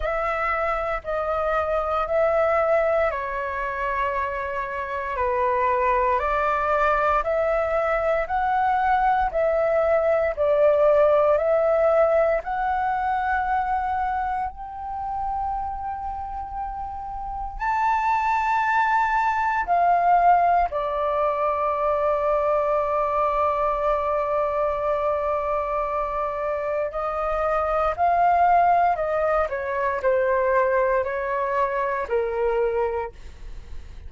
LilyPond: \new Staff \with { instrumentName = "flute" } { \time 4/4 \tempo 4 = 58 e''4 dis''4 e''4 cis''4~ | cis''4 b'4 d''4 e''4 | fis''4 e''4 d''4 e''4 | fis''2 g''2~ |
g''4 a''2 f''4 | d''1~ | d''2 dis''4 f''4 | dis''8 cis''8 c''4 cis''4 ais'4 | }